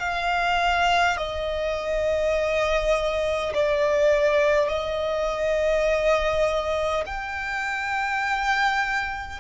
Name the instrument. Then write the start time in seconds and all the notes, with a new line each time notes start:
violin
0.00 F5
1.18 D#5
3.54 D5
4.69 D#5
7.06 G5